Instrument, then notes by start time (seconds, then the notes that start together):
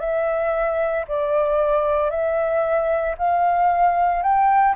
flute
0.00 E5
1.08 D5
2.10 E5
3.18 F5
4.22 G5